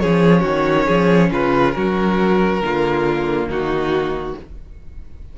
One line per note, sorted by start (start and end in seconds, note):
0.00 0.44 F3
0.00 2.62 C#4
0.00 0.42 G#4
0.00 1.30 C#5
0.42 0.87 D#3
0.42 0.85 F#4
0.86 1.31 F3
0.86 1.30 G#4
1.31 1.75 C#3
1.31 1.75 F4
1.31 1.72 B4
1.72 2.62 F#3
1.72 2.63 F#4
1.72 3.46 A#4
2.62 3.47 D3
2.62 4.36 A#3
2.62 3.49 F4
3.47 4.34 D#3
3.47 4.36 D#4
3.47 4.38 F#4